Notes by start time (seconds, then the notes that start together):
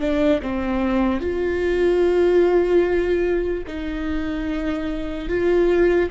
0.00 D4
0.42 C4
1.20 F4
3.67 D#4
5.29 F4